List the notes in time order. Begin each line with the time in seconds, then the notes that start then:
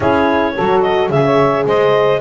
0.00 C#4 E4 G#4 C#5
0.55 F#3 F#4 A4
0.82 D#5
1.08 C#3 G#4 E5
1.24 C#5
1.66 G#3 C5 D#5